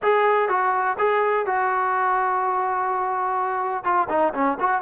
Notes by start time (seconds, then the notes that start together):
0.02 G#4
0.48 F#4
0.98 G#4
1.46 F#4
3.84 F4
4.09 D#4
4.34 C#4
4.59 F#4